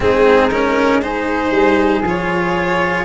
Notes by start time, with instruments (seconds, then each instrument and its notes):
0.00 tuba G#3, cello C4, flute D#4, violin G#4
0.50 cello C#4, violin A#4
1.01 cello D#4, flute G#4, violin C5
1.50 tuba G3
2.01 tuba F3, cello F4, violin C#5